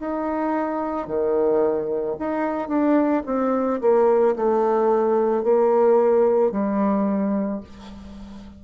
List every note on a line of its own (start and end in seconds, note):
0.00 1.07 D#4
1.07 2.16 D#3
2.20 2.69 D#4
2.69 3.23 D4
3.26 3.81 C4
3.81 4.36 A#3
4.36 5.43 A3
5.43 6.52 A#3
6.52 7.61 G3